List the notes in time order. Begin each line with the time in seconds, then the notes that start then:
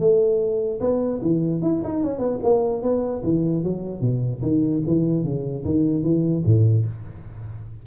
0.00 A3
0.81 B3
1.22 E3
1.63 E4
1.84 D#4
2.04 C#4
2.19 B3
2.44 A#3
2.83 B3
3.24 E3
3.64 F#3
4.01 B2
4.43 D#3
4.87 E3
5.25 C#3
5.65 D#3
6.04 E3
6.46 A2